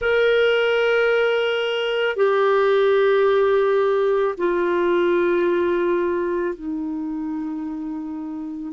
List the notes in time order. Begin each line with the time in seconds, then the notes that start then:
0.01 A#4
2.16 G4
4.37 F4
6.55 D#4